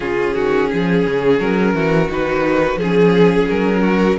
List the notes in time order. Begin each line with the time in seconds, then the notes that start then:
0.00 C#3 C#4 F4 G#4
0.34 D#3 F#4
0.69 F3 G#4
1.06 C#3
1.39 F#3 A#4
1.74 E3 F#4
2.09 D#3 D#4 B4
2.76 F3 C#4 G#4
3.49 F#3 A#4
3.81 F#4